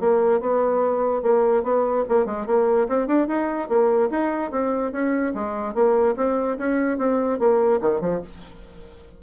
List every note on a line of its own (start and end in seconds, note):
0.00 0.41 A#3
0.41 1.23 B3
1.23 1.64 A#3
1.64 2.05 B3
2.09 2.26 A#3
2.26 2.46 G#3
2.47 2.88 A#3
2.89 3.08 C4
3.08 3.28 D4
3.28 3.69 D#4
3.69 4.10 A#3
4.11 4.51 D#4
4.51 4.92 C4
4.92 5.33 C#4
5.35 5.75 G#3
5.75 6.16 A#3
6.17 6.58 C4
6.58 6.98 C#4
6.98 7.40 C4
7.40 7.81 A#3
7.82 8.01 D#3
8.01 8.22 F3